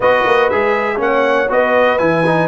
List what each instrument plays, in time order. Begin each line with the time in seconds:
0.00 tuba B3, trombone F#4, horn B4, trumpet D#5
0.26 tuba A#3
0.49 tuba G#3, trombone G#4, trumpet E5
0.96 tuba A#3, trombone C#4, trumpet F#5
1.03 horn C#5
1.49 tuba B3, trombone F#4, horn B4, trumpet D#5
1.98 tuba E3, trombone E4, trumpet G#5
2.25 trombone D#4